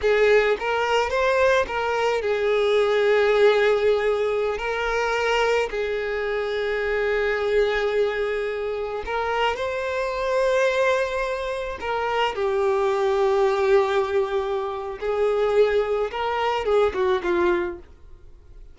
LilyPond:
\new Staff \with { instrumentName = "violin" } { \time 4/4 \tempo 4 = 108 gis'4 ais'4 c''4 ais'4 | gis'1~ | gis'16 ais'2 gis'4.~ gis'16~ | gis'1~ |
gis'16 ais'4 c''2~ c''8.~ | c''4~ c''16 ais'4 g'4.~ g'16~ | g'2. gis'4~ | gis'4 ais'4 gis'8 fis'8 f'4 | }